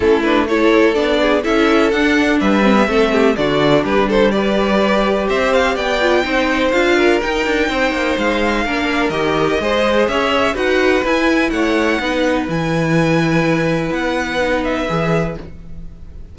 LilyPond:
<<
  \new Staff \with { instrumentName = "violin" } { \time 4/4 \tempo 4 = 125 a'8 b'8 cis''4 d''4 e''4 | fis''4 e''2 d''4 | b'8 c''8 d''2 e''8 f''8 | g''2 f''4 g''4~ |
g''4 f''2 dis''4~ | dis''4 e''4 fis''4 gis''4 | fis''2 gis''2~ | gis''4 fis''4. e''4. | }
  \new Staff \with { instrumentName = "violin" } { \time 4/4 e'4 a'4. gis'8 a'4~ | a'4 b'4 a'8 g'8 fis'4 | g'8 a'8 b'2 c''4 | d''4 c''4. ais'4. |
c''2 ais'2 | c''4 cis''4 b'2 | cis''4 b'2.~ | b'1 | }
  \new Staff \with { instrumentName = "viola" } { \time 4/4 cis'8 d'8 e'4 d'4 e'4 | d'4. c'16 b16 c'4 d'4~ | d'4 g'2.~ | g'8 f'8 dis'4 f'4 dis'4~ |
dis'2 d'4 g'4 | gis'2 fis'4 e'4~ | e'4 dis'4 e'2~ | e'2 dis'4 gis'4 | }
  \new Staff \with { instrumentName = "cello" } { \time 4/4 a2 b4 cis'4 | d'4 g4 a4 d4 | g2. c'4 | b4 c'4 d'4 dis'8 d'8 |
c'8 ais8 gis4 ais4 dis4 | gis4 cis'4 dis'4 e'4 | a4 b4 e2~ | e4 b2 e4 | }
>>